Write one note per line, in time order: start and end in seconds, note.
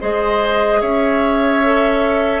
0.00 0.82 G#3
0.00 1.62 G#4
0.00 0.80 C5
0.00 0.81 D#5
0.80 2.40 C#4
0.80 2.40 C#5
0.80 2.40 E5
1.63 2.40 A4